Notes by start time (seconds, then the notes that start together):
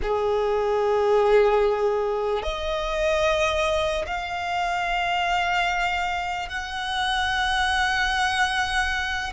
0.02 G#4
2.43 D#5
4.07 F5
6.49 F#5